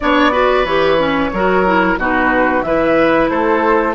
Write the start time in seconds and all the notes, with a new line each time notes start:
0.00 B3 D4 C#5 D5
0.31 F#4 B4
0.64 E3 G4 C#5
0.98 C#4
1.33 F#3 F#4 A#4
1.65 E4
1.97 B2 D#4 F#4 B4
2.62 E3 E4 B4 E5
3.28 A3 A4 C5